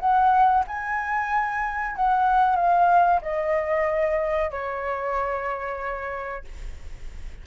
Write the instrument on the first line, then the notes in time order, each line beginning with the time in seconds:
flute
0.00 F#5
0.68 G#5
1.96 F#5
2.57 F5
3.22 D#5
4.51 C#5